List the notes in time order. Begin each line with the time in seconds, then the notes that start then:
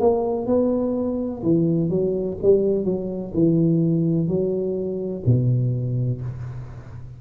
0.00 A#3
0.47 B3
1.42 E3
1.89 F#3
2.42 G3
2.84 F#3
3.34 E3
4.28 F#3
5.26 B2